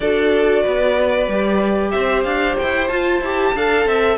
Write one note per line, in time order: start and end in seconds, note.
0.00 0.64 D4
0.00 1.28 F#4
0.00 0.62 A4
0.00 1.91 D5
0.62 1.27 B3
0.62 1.91 B4
1.27 1.92 G3
1.27 2.90 G4
1.91 2.24 C4
1.91 3.54 C5
1.91 2.23 E5
2.23 2.57 D4
2.23 2.55 F5
2.58 2.90 E4
2.58 2.87 G5
2.87 3.20 F4
2.87 3.22 F4
2.87 4.17 A5
3.20 3.53 E4
3.20 3.56 G4
3.54 3.85 D4
3.54 4.17 A4
3.54 3.87 F5
3.85 4.17 C4
3.85 4.17 E5